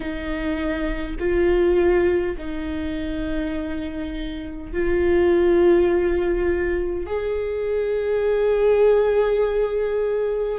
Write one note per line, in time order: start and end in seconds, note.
0.00 1.16 D#4
1.19 2.36 F4
2.37 4.72 D#4
4.72 7.06 F4
7.06 10.58 G#4